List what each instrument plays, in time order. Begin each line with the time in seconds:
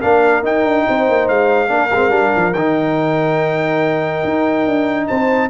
0.00 tuba A#3, trombone D4, horn A#4, trumpet F5
0.43 tuba D#4, trombone D#4, trumpet G5
0.64 tuba D4
0.87 tuba C4, horn C5
1.09 tuba A#3
1.28 tuba G#3, trumpet F5
1.68 tuba A#3, trombone D4, horn A#4
1.92 tuba G#3, trombone C4
2.10 tuba G3, trombone D4
2.36 tuba F3
2.54 tuba D#3, trombone D#4, trumpet G5
4.24 tuba D#4
4.67 tuba D4
5.08 tuba C4, horn C5, trumpet A5